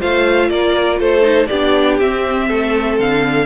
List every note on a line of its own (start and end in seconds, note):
0.00 0.51 A3
0.00 1.22 F4
0.00 0.50 C5
0.00 0.50 F5
0.50 1.00 A#3
0.50 1.00 A#4
0.50 1.00 D5
1.00 1.49 A3
1.00 1.49 A4
1.00 1.47 C5
1.22 1.47 D#4
1.47 2.00 B3
1.47 2.02 D4
1.47 2.48 G4
1.47 1.97 D5
2.00 2.50 C4
2.00 3.46 C4
2.00 2.99 E5
2.48 2.99 A3
2.48 3.46 A4
2.99 3.46 D3
2.99 3.46 F5